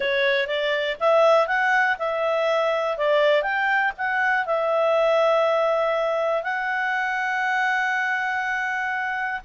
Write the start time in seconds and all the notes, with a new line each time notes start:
0.00 C#5
0.47 D5
1.00 E5
1.47 F#5
1.99 E5
2.97 D5
3.42 G5
3.97 F#5
4.46 E5
6.43 F#5